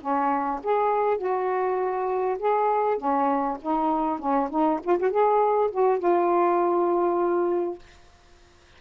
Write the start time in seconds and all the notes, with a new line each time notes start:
0.00 C#4
0.63 G#4
1.17 F#4
2.38 G#4
2.97 C#4
3.61 D#4
4.19 C#4
4.50 D#4
4.83 F4
4.99 F#4
5.10 G#4
5.71 F#4
5.98 F4